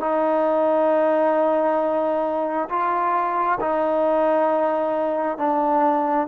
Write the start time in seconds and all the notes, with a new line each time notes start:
0.00 D#4
2.69 F4
3.60 D#4
5.38 D4